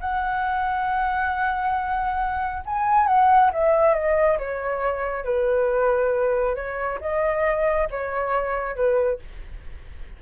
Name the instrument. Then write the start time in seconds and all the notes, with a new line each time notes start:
flute
0.00 F#5
2.65 G#5
3.07 F#5
3.52 E5
3.94 D#5
4.38 C#5
5.24 B4
6.55 C#5
7.01 D#5
7.90 C#5
8.75 B4